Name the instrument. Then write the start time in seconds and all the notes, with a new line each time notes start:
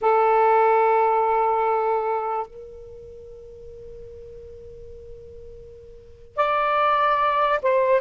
saxophone
0.01 A4
2.47 A#4
6.36 D5
7.62 C5